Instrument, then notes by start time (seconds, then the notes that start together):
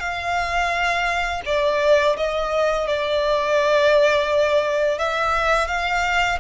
violin
0.00 F5
1.46 D5
2.17 D#5
2.87 D5
4.98 E5
5.68 F5